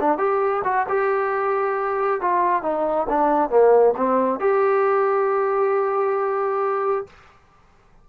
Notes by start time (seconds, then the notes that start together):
0.00 D4
0.18 G4
0.64 F#4
0.88 G4
2.21 F4
2.62 D#4
3.09 D4
3.49 A#3
3.96 C4
4.39 G4